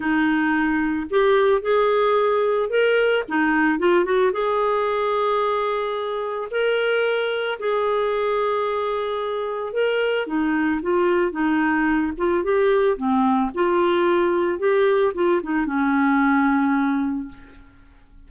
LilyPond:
\new Staff \with { instrumentName = "clarinet" } { \time 4/4 \tempo 4 = 111 dis'2 g'4 gis'4~ | gis'4 ais'4 dis'4 f'8 fis'8 | gis'1 | ais'2 gis'2~ |
gis'2 ais'4 dis'4 | f'4 dis'4. f'8 g'4 | c'4 f'2 g'4 | f'8 dis'8 cis'2. | }